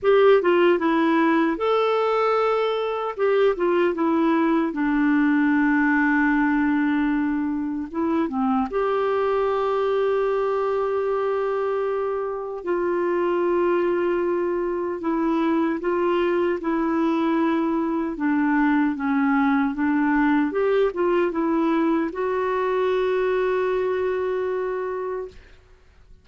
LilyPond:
\new Staff \with { instrumentName = "clarinet" } { \time 4/4 \tempo 4 = 76 g'8 f'8 e'4 a'2 | g'8 f'8 e'4 d'2~ | d'2 e'8 c'8 g'4~ | g'1 |
f'2. e'4 | f'4 e'2 d'4 | cis'4 d'4 g'8 f'8 e'4 | fis'1 | }